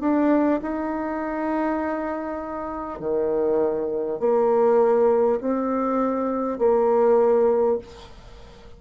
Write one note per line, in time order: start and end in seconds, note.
0.00 0.60 D4
0.62 2.99 D#4
2.99 4.19 D#3
4.19 5.39 A#3
5.40 6.58 C4
6.58 7.78 A#3